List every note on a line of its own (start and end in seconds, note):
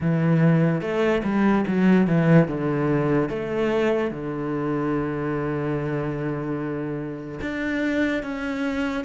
0.00 0.81 E3
0.81 1.22 A3
1.23 1.64 G3
1.67 2.07 F#3
2.07 2.47 E3
2.47 3.29 D3
3.29 4.11 A3
4.11 7.39 D3
7.41 8.22 D4
8.22 9.04 C#4